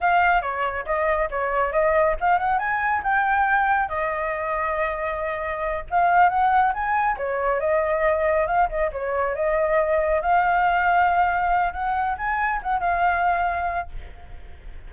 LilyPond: \new Staff \with { instrumentName = "flute" } { \time 4/4 \tempo 4 = 138 f''4 cis''4 dis''4 cis''4 | dis''4 f''8 fis''8 gis''4 g''4~ | g''4 dis''2.~ | dis''4. f''4 fis''4 gis''8~ |
gis''8 cis''4 dis''2 f''8 | dis''8 cis''4 dis''2 f''8~ | f''2. fis''4 | gis''4 fis''8 f''2~ f''8 | }